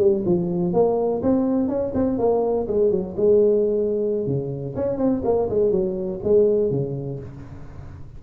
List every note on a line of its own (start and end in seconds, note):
0.00 0.24 G3
0.26 0.73 F3
0.73 1.22 A#3
1.23 1.69 C4
1.69 1.93 C#4
1.95 2.19 C4
2.19 2.68 A#3
2.68 2.91 G#3
2.91 3.16 F#3
3.17 4.27 G#3
4.27 4.76 C#3
4.76 4.98 C#4
4.98 5.22 C4
5.25 5.49 A#3
5.50 5.71 G#3
5.71 6.20 F#3
6.24 6.71 G#3
6.71 7.20 C#3